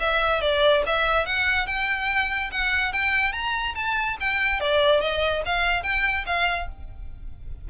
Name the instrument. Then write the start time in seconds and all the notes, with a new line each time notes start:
violin
0.00 E5
0.41 D5
0.86 E5
1.26 F#5
1.67 G5
2.52 F#5
2.93 G5
3.33 A#5
3.75 A5
4.20 G5
4.60 D5
5.01 D#5
5.45 F5
5.83 G5
6.26 F5